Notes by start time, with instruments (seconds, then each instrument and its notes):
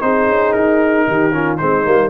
0.00 tuba C4, trombone D#4, horn G#4, trumpet C5
0.28 tuba C#4
0.52 tuba D#4, trumpet A#4
1.07 tuba D#3, horn G4
1.31 trombone C#4, horn F4
1.57 tuba G#3, trombone C4, horn D#4, trumpet C5
1.84 tuba G3, trombone A#3